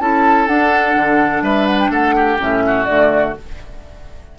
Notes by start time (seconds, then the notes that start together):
0.00 C#4 E4 A4 A5
0.47 D4 F#5
0.95 D3
1.42 G3 B4 E5
1.67 F#5
1.79 G5
1.89 A3 A4 F#5
2.15 G4
2.38 A2 C#4 E5
2.67 F#4
2.85 D3 A3 D5